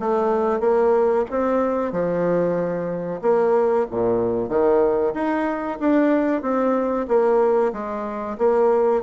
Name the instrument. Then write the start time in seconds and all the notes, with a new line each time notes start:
bassoon
0.00 A3
0.60 A#3
1.31 C4
1.92 F3
3.22 A#3
3.91 A#2
4.49 D#3
5.14 D#4
5.80 D4
6.43 C4
7.09 A#3
7.73 G#3
8.38 A#3